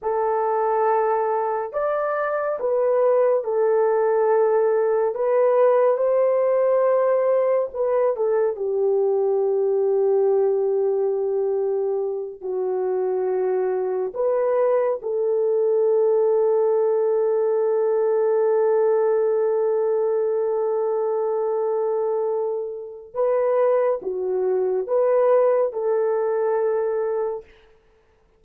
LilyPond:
\new Staff \with { instrumentName = "horn" } { \time 4/4 \tempo 4 = 70 a'2 d''4 b'4 | a'2 b'4 c''4~ | c''4 b'8 a'8 g'2~ | g'2~ g'8 fis'4.~ |
fis'8 b'4 a'2~ a'8~ | a'1~ | a'2. b'4 | fis'4 b'4 a'2 | }